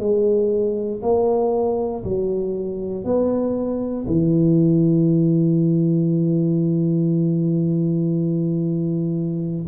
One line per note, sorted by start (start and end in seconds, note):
0.00 1.02 G#3
1.02 2.04 A#3
2.04 3.05 F#3
3.05 4.06 B3
4.07 9.67 E3